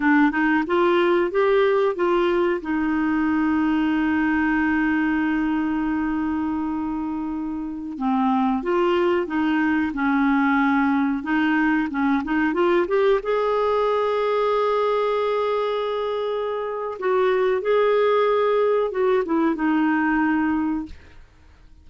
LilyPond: \new Staff \with { instrumentName = "clarinet" } { \time 4/4 \tempo 4 = 92 d'8 dis'8 f'4 g'4 f'4 | dis'1~ | dis'1~ | dis'16 c'4 f'4 dis'4 cis'8.~ |
cis'4~ cis'16 dis'4 cis'8 dis'8 f'8 g'16~ | g'16 gis'2.~ gis'8.~ | gis'2 fis'4 gis'4~ | gis'4 fis'8 e'8 dis'2 | }